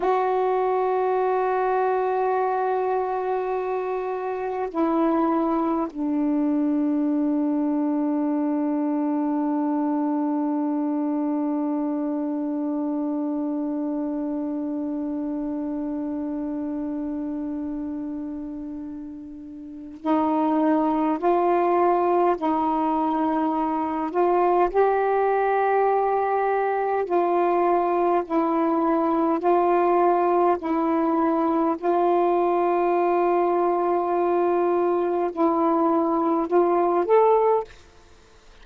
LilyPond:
\new Staff \with { instrumentName = "saxophone" } { \time 4/4 \tempo 4 = 51 fis'1 | e'4 d'2.~ | d'1~ | d'1~ |
d'4 dis'4 f'4 dis'4~ | dis'8 f'8 g'2 f'4 | e'4 f'4 e'4 f'4~ | f'2 e'4 f'8 a'8 | }